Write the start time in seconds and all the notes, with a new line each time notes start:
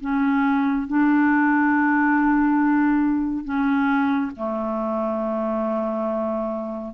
0.00 C#4
0.87 D4
3.44 C#4
4.36 A3